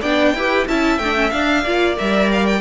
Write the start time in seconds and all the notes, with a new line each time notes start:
0.00 B3 D4 D5 G5
0.34 E4 G4 B4
0.68 C#4 E4 E5 A5
0.99 A3 D4 G5
1.15 C#4
1.30 D4 F5
1.63 A#3 F4 D5
1.96 G3 A#4 E5
2.32 F5
2.46 G5